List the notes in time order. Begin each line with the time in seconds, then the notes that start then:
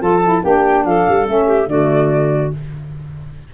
0.00 F3 F4 A4 A5
0.23 E4
0.43 A#3 D4 G4 G5
0.85 F3 A4 F5
1.09 G3
1.26 A3 C#4 E5
1.47 G4
1.67 D3 A3 F#4 D5